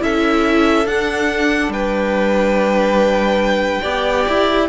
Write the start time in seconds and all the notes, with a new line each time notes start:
0.00 C#4 E4 A4 E5
0.86 D4 F#5
1.69 G3 B4 G5
3.82 B3 G4 D5
4.28 E4